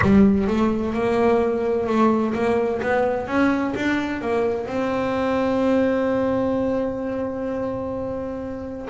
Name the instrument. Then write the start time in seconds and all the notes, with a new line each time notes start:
double bass
0.01 G3
0.47 A3
0.93 A#3
1.86 A3
2.34 A#3
2.82 B3
3.27 C#4
3.75 D4
4.21 A#3
4.66 C4